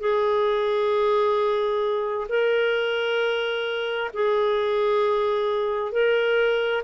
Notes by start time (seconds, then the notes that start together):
0.00 G#4
2.29 A#4
4.14 G#4
5.92 A#4